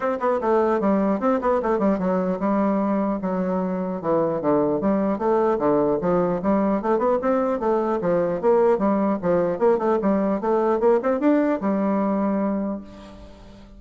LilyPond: \new Staff \with { instrumentName = "bassoon" } { \time 4/4 \tempo 4 = 150 c'8 b8 a4 g4 c'8 b8 | a8 g8 fis4 g2 | fis2 e4 d4 | g4 a4 d4 f4 |
g4 a8 b8 c'4 a4 | f4 ais4 g4 f4 | ais8 a8 g4 a4 ais8 c'8 | d'4 g2. | }